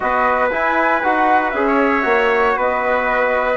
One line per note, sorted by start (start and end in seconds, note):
0.00 0.51 B3
0.00 0.50 F#4
0.00 1.67 B4
0.00 0.49 D#5
0.51 1.02 E4
0.51 1.03 E4
0.51 1.03 G#5
1.03 1.53 D#4
1.03 1.54 F#4
1.03 1.50 F#5
1.50 2.04 C#4
1.50 2.01 G#4
1.50 2.53 E5
1.67 2.57 C#5
2.01 2.56 A#3
2.01 3.55 F#4
2.56 3.57 B3
2.56 3.57 B4
2.56 3.57 D#5